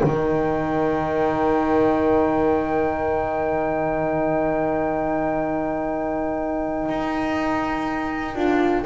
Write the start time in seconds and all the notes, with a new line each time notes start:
0.00 D#3 D#4 A#4 G5
6.89 D#4
8.35 D4 F4